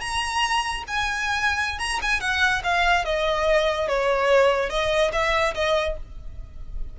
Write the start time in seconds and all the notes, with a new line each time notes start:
0.00 A#5
0.87 G#5
1.79 A#5
2.02 G#5
2.20 F#5
2.63 F5
3.05 D#5
3.87 C#5
4.70 D#5
5.12 E5
5.54 D#5